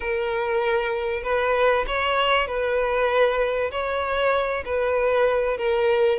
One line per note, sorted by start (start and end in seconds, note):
0.00 1.23 A#4
1.23 1.85 B4
1.87 2.47 C#5
2.47 3.71 B4
3.71 4.64 C#5
4.65 5.57 B4
5.57 6.18 A#4